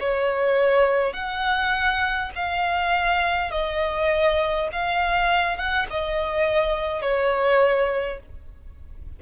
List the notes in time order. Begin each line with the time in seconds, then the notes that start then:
0.00 C#5
1.13 F#5
2.36 F5
3.51 D#5
4.72 F5
5.57 F#5
5.90 D#5
7.02 C#5